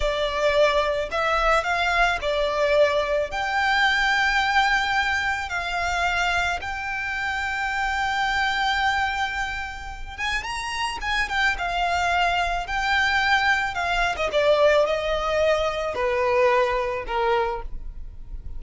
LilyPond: \new Staff \with { instrumentName = "violin" } { \time 4/4 \tempo 4 = 109 d''2 e''4 f''4 | d''2 g''2~ | g''2 f''2 | g''1~ |
g''2~ g''8 gis''8 ais''4 | gis''8 g''8 f''2 g''4~ | g''4 f''8. dis''16 d''4 dis''4~ | dis''4 b'2 ais'4 | }